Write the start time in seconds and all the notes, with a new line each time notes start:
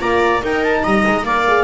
0.00 A#3 F4 D5 A#5
0.42 D#4 A#4 G5
0.64 A5
0.84 G3 D#5 A#5
1.07 G#3
1.24 A#3 A#4 D5 F5
1.48 G#4